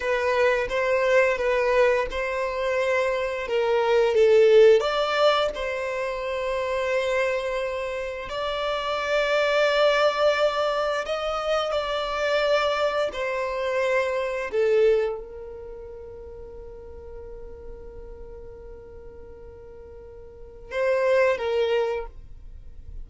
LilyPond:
\new Staff \with { instrumentName = "violin" } { \time 4/4 \tempo 4 = 87 b'4 c''4 b'4 c''4~ | c''4 ais'4 a'4 d''4 | c''1 | d''1 |
dis''4 d''2 c''4~ | c''4 a'4 ais'2~ | ais'1~ | ais'2 c''4 ais'4 | }